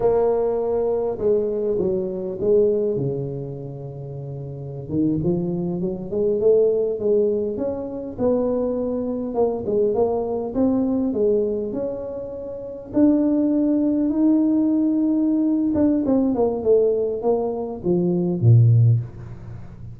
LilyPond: \new Staff \with { instrumentName = "tuba" } { \time 4/4 \tempo 4 = 101 ais2 gis4 fis4 | gis4 cis2.~ | cis16 dis8 f4 fis8 gis8 a4 gis16~ | gis8. cis'4 b2 ais16~ |
ais16 gis8 ais4 c'4 gis4 cis'16~ | cis'4.~ cis'16 d'2 dis'16~ | dis'2~ dis'8 d'8 c'8 ais8 | a4 ais4 f4 ais,4 | }